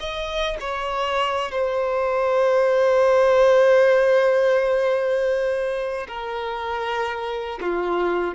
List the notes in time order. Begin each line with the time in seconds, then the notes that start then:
0.00 D#5
0.60 C#5
1.51 C5
6.08 A#4
7.61 F4